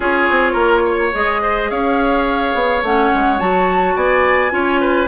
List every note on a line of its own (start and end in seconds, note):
0.00 0.28 C#4
0.00 1.12 F4
0.00 0.52 G#4
0.00 1.14 C#5
0.29 0.54 C4
0.52 1.11 A#3
0.52 0.80 A#4
0.85 1.42 C#5
1.12 1.70 G#3
1.12 2.82 G#4
1.12 1.70 D#5
1.42 1.70 C5
1.70 2.54 C#4
1.70 3.95 C#5
1.70 2.83 F5
2.54 2.82 B3
2.83 3.11 A3
2.83 3.39 C#4
2.83 3.39 F#5
3.14 3.40 G#3
3.39 3.95 F#3
3.39 4.50 F#4
3.39 3.95 A5
3.95 4.52 B3
3.95 4.51 D5
3.95 5.08 G#5
4.50 5.08 C#4
4.50 5.06 F4
4.50 4.80 C#5
4.80 5.08 B4